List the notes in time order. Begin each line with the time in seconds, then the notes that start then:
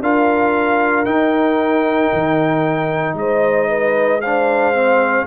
0.00 D4 F4 A#4 F5
1.05 D#4 G5
2.13 D#3
3.14 G#3 C5 D#5
3.69 B4
4.21 D4 C5 F5
4.74 C4